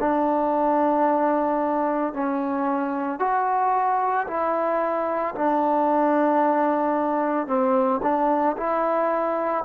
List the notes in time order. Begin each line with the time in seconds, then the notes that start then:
0.00 D4
2.14 C#4
3.20 F#4
4.28 E4
5.35 D4
7.48 C4
8.03 D4
8.57 E4